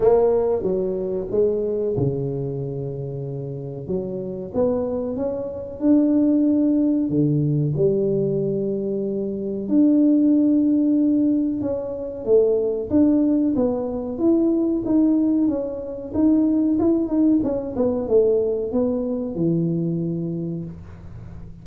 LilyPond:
\new Staff \with { instrumentName = "tuba" } { \time 4/4 \tempo 4 = 93 ais4 fis4 gis4 cis4~ | cis2 fis4 b4 | cis'4 d'2 d4 | g2. d'4~ |
d'2 cis'4 a4 | d'4 b4 e'4 dis'4 | cis'4 dis'4 e'8 dis'8 cis'8 b8 | a4 b4 e2 | }